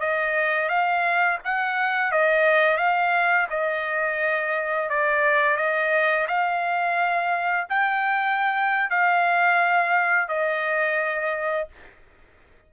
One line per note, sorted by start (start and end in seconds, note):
0.00 0.69 D#5
0.69 1.39 F5
1.44 2.12 F#5
2.12 2.77 D#5
2.77 3.47 F5
3.50 4.89 D#5
4.89 5.57 D5
5.57 6.27 D#5
6.28 7.67 F5
7.69 8.90 G5
8.90 10.28 F5
10.28 11.68 D#5